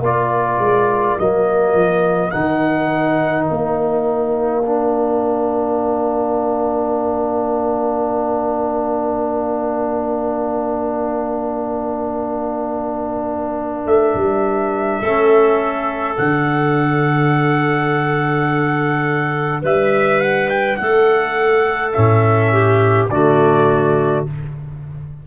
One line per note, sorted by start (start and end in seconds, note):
0.00 0.58 A#3
0.00 1.19 F4
0.00 15.00 A#4
0.00 1.19 D5
0.59 1.16 G#3
1.19 1.74 F#3
1.19 2.32 A#3
1.19 2.31 D#5
1.74 2.31 F3
2.31 3.50 D#3
2.31 4.62 D#4
2.31 3.45 F#5
3.45 13.86 A#3
3.45 13.84 F5
4.66 15.05 D4
13.86 14.15 A3
13.86 16.17 E5
14.15 15.02 G3
15.00 16.17 A3
15.00 16.17 C#4
15.00 19.62 A4
16.17 19.63 D3
16.17 21.94 D4
16.17 19.63 F#5
19.62 20.78 G3
19.62 20.78 B4
19.62 20.21 E5
20.21 20.50 F#5
20.50 20.77 G5
20.77 21.95 A3
20.77 22.53 A4
20.77 21.93 F#5
21.93 23.09 A2
21.93 23.09 C#4
21.93 23.08 E5
22.53 23.11 G4
23.09 24.25 D3
23.09 24.27 A3
23.09 24.27 F#4
23.09 24.26 D5